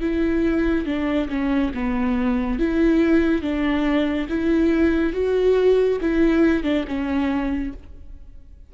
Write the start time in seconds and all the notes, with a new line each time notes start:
0.00 E4
0.85 D4
1.29 C#4
1.74 B3
2.58 E4
3.41 D4
4.29 E4
5.13 F#4
6.00 E4
6.63 D4
6.87 C#4